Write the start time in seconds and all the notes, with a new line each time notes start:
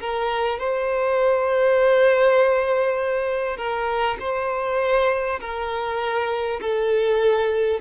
0.00 A#4
0.59 C5
3.57 A#4
4.20 C5
5.40 A#4
6.61 A4